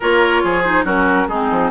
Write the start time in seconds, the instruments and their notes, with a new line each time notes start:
0.00 bassoon A#3, clarinet F4, oboe A#4, flute C#5
0.43 bassoon F3, oboe G#4
0.62 clarinet D#4, flute C5
0.84 bassoon F#3, clarinet C#4, oboe F#4, flute A#4
1.28 bassoon G#3, clarinet C4, oboe D#4, flute G#4
1.50 bassoon F3